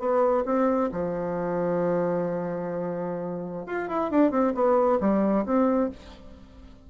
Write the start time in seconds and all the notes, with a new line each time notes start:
0.00 B3
0.46 C4
0.92 F3
3.67 F4
3.89 E4
4.11 D4
4.32 C4
4.55 B3
5.01 G3
5.46 C4